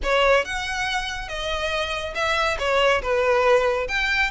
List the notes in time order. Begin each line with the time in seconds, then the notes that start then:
0.03 C#5
0.44 F#5
1.28 D#5
2.14 E5
2.58 C#5
3.01 B4
3.87 G5